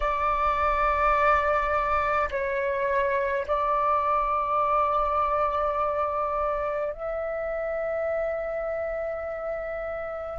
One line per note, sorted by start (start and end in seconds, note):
0.00 2.29 D5
2.30 3.46 C#5
3.47 6.93 D5
6.93 10.38 E5